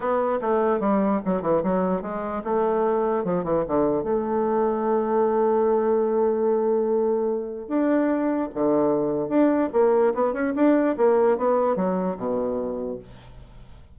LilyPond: \new Staff \with { instrumentName = "bassoon" } { \time 4/4 \tempo 4 = 148 b4 a4 g4 fis8 e8 | fis4 gis4 a2 | f8 e8 d4 a2~ | a1~ |
a2. d'4~ | d'4 d2 d'4 | ais4 b8 cis'8 d'4 ais4 | b4 fis4 b,2 | }